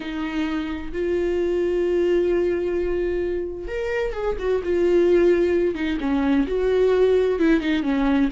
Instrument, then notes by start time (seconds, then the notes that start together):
viola
0.00 D#4
0.92 F4
3.67 A#4
4.13 G#4
4.38 F#4
4.63 F4
5.74 D#4
6.00 C#4
6.47 F#4
7.39 E4
7.60 D#4
7.83 C#4